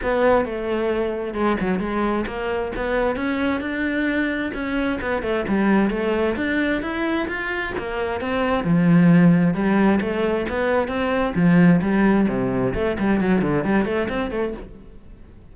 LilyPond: \new Staff \with { instrumentName = "cello" } { \time 4/4 \tempo 4 = 132 b4 a2 gis8 fis8 | gis4 ais4 b4 cis'4 | d'2 cis'4 b8 a8 | g4 a4 d'4 e'4 |
f'4 ais4 c'4 f4~ | f4 g4 a4 b4 | c'4 f4 g4 c4 | a8 g8 fis8 d8 g8 a8 c'8 a8 | }